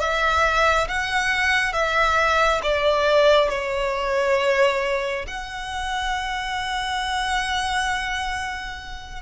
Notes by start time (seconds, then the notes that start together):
0.00 E5
0.88 F#5
1.73 E5
2.63 D5
3.50 C#5
5.27 F#5